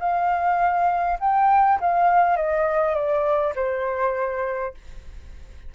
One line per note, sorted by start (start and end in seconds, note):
0.00 1.19 F5
1.20 1.80 G5
1.81 2.37 F5
2.37 2.95 D#5
2.95 3.54 D5
3.56 4.75 C5